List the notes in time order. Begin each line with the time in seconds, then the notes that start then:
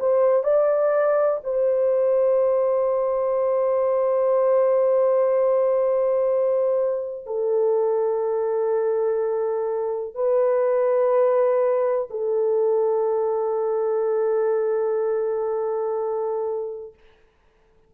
0.00 C5
0.44 D5
1.44 C5
7.27 A4
10.15 B4
12.11 A4